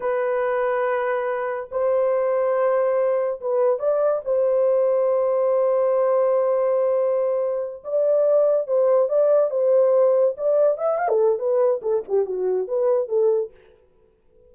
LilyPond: \new Staff \with { instrumentName = "horn" } { \time 4/4 \tempo 4 = 142 b'1 | c''1 | b'4 d''4 c''2~ | c''1~ |
c''2~ c''8 d''4.~ | d''8 c''4 d''4 c''4.~ | c''8 d''4 e''8 f''16 a'8. b'4 | a'8 g'8 fis'4 b'4 a'4 | }